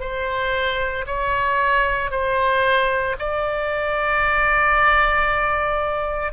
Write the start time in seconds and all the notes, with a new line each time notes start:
0.00 C5
1.06 C#5
2.11 C5
3.19 D5